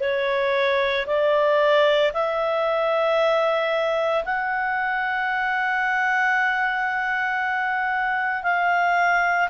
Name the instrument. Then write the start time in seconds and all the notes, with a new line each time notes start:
clarinet
0.00 C#5
1.07 D5
2.13 E5
4.24 F#5
8.43 F5